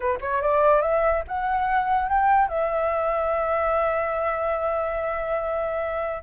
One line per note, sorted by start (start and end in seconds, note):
0.00 0.18 B4
0.21 0.41 C#5
0.41 0.81 D5
0.81 1.23 E5
1.27 2.08 F#5
2.08 2.48 G5
2.48 6.23 E5